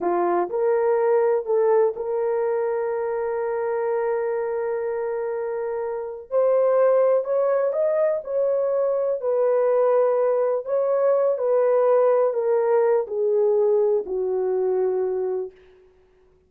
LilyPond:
\new Staff \with { instrumentName = "horn" } { \time 4/4 \tempo 4 = 124 f'4 ais'2 a'4 | ais'1~ | ais'1~ | ais'4 c''2 cis''4 |
dis''4 cis''2 b'4~ | b'2 cis''4. b'8~ | b'4. ais'4. gis'4~ | gis'4 fis'2. | }